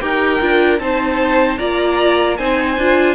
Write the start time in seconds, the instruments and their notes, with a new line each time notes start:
0.00 cello D#4, viola G4, violin A#4 G5
0.40 cello D4, viola F4
0.79 cello C4, viola D#4, violin C5 A5
1.58 cello A#3, viola F4, violin D5 A#5
2.37 cello C4, viola D#4, violin C5 G#5
2.78 cello D4, viola F4